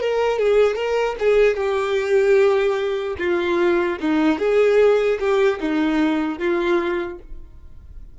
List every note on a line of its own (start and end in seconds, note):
0.00 0.39 A#4
0.39 0.76 G#4
0.76 1.16 A#4
1.19 1.56 G#4
1.56 3.16 G4
3.18 3.98 F4
4.00 4.39 D#4
4.39 5.19 G#4
5.19 5.59 G4
5.60 6.39 D#4
6.39 7.19 F4